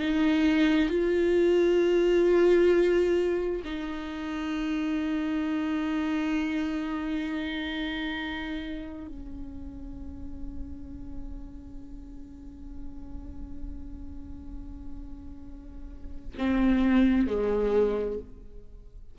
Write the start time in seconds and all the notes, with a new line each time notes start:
0.00 D#4
0.90 F4
3.64 D#4
9.08 C#4
16.38 C4
17.28 G#3